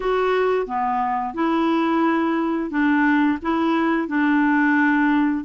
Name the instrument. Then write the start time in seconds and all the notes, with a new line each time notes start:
clarinet
0.00 F#4
0.66 B3
1.34 E4
2.70 D4
3.42 E4
4.08 D4